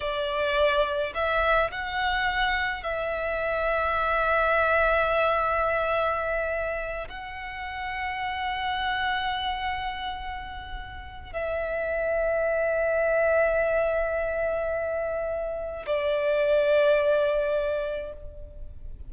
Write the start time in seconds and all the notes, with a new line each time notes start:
0.00 D5
1.14 E5
1.71 F#5
2.83 E5
7.08 F#5
11.32 E5
15.86 D5